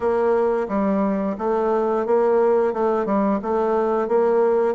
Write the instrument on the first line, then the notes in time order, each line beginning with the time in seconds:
bassoon
0.00 A#3
0.68 G3
1.38 A3
2.05 A#3
2.73 A3
3.05 G3
3.42 A3
4.08 A#3